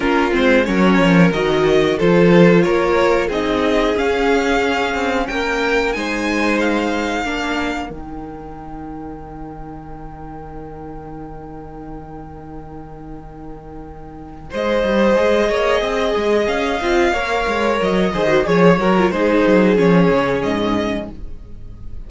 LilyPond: <<
  \new Staff \with { instrumentName = "violin" } { \time 4/4 \tempo 4 = 91 ais'8 c''8 cis''4 dis''4 c''4 | cis''4 dis''4 f''2 | g''4 gis''4 f''2 | g''1~ |
g''1~ | g''2 dis''2~ | dis''4 f''2 dis''4 | cis''8 ais'8 c''4 cis''4 dis''4 | }
  \new Staff \with { instrumentName = "violin" } { \time 4/4 f'4 ais'2 a'4 | ais'4 gis'2. | ais'4 c''2 ais'4~ | ais'1~ |
ais'1~ | ais'2 c''4. cis''8 | dis''2 cis''4. c''8 | cis''4 gis'2. | }
  \new Staff \with { instrumentName = "viola" } { \time 4/4 cis'8 c'8 cis'4 fis'4 f'4~ | f'4 dis'4 cis'2~ | cis'4 dis'2 d'4 | dis'1~ |
dis'1~ | dis'2. gis'4~ | gis'4. f'8 ais'4. gis'16 fis'16 | gis'8 fis'16 f'16 dis'4 cis'2 | }
  \new Staff \with { instrumentName = "cello" } { \time 4/4 ais8 gis8 fis8 f8 dis4 f4 | ais4 c'4 cis'4. c'8 | ais4 gis2 ais4 | dis1~ |
dis1~ | dis2 gis8 g8 gis8 ais8 | c'8 gis8 cis'8 c'8 ais8 gis8 fis8 dis8 | f8 fis8 gis8 fis8 f8 cis8 gis,4 | }
>>